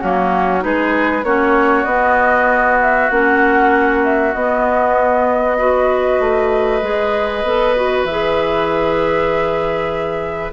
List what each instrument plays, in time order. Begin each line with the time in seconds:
0.00 bassoon F#3, clarinet A#3, oboe C#4, flute F#4
0.60 bassoon G#3, clarinet D#4, oboe G#4, flute B4
1.23 bassoon A#3, clarinet C#4, oboe F#4, flute C#5
1.85 bassoon B3, clarinet B3, flute D#5
2.82 flute E5
3.10 bassoon A#3, clarinet C#4, flute F#5
4.04 flute E5
4.34 bassoon B3, clarinet B3, flute D#5
5.58 clarinet F#4, oboe B4
6.20 bassoon A3
6.82 bassoon G#3, clarinet G#4
7.43 bassoon B3, clarinet A4
7.76 clarinet F#4
8.04 bassoon E3, clarinet G#4, flute E5